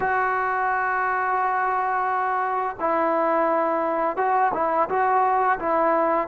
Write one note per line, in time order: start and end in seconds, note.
0.00 2.76 F#4
2.79 4.17 E4
4.17 4.52 F#4
4.53 4.88 E4
4.89 5.58 F#4
5.59 6.27 E4